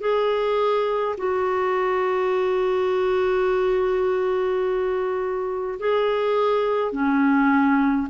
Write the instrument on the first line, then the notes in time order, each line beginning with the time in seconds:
clarinet
0.00 G#4
1.17 F#4
5.79 G#4
6.92 C#4